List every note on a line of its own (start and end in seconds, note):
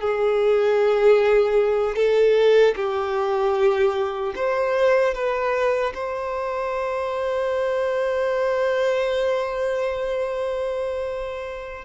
0.00 1.95 G#4
1.95 2.74 A4
2.75 4.33 G4
4.35 5.14 C5
5.14 5.92 B4
5.94 11.85 C5